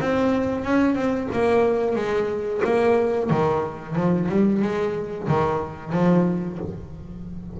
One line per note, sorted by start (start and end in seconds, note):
0.00 0.64 C4
0.64 0.95 C#4
0.95 1.28 C4
1.32 1.95 A#3
1.95 2.61 G#3
2.64 3.29 A#3
3.29 3.95 D#3
3.95 4.28 F3
4.29 4.62 G3
4.62 5.27 G#3
5.27 5.92 D#3
5.92 6.58 F3